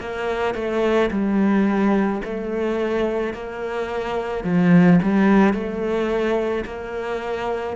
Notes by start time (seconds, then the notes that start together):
0.00 A#3
0.55 A3
1.11 G3
2.24 A3
3.34 A#3
4.44 F3
5.03 G3
5.54 A3
6.65 A#3